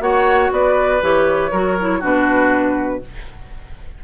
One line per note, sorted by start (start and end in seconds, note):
0.00 0.50 A#3
0.00 1.00 F#4
0.00 0.52 C#5
0.00 0.52 F#5
0.52 1.02 B3
0.52 1.51 B4
0.52 1.03 D5
1.01 1.52 E3
1.01 1.51 G4
1.01 2.03 C#5
1.51 2.02 F#3
1.51 1.78 F#4
1.51 1.99 A#4
1.80 2.02 E4
1.99 3.03 B2
1.99 3.02 D4
1.99 2.99 F#4
1.99 3.04 B4